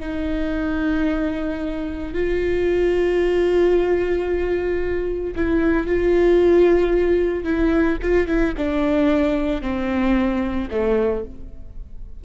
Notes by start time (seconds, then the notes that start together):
0.00 D#4
2.14 F4
5.36 E4
5.87 F4
7.44 E4
8.02 F4
8.28 E4
8.58 D4
9.62 C4
10.71 A3